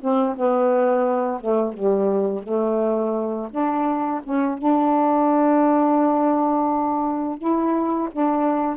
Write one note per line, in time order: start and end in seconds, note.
0.00 0.36 C4
0.36 1.40 B3
1.40 1.73 A3
1.73 2.43 G3
2.43 3.48 A3
3.50 4.21 D4
4.23 4.58 C#4
4.58 7.38 D4
7.38 8.09 E4
8.11 8.76 D4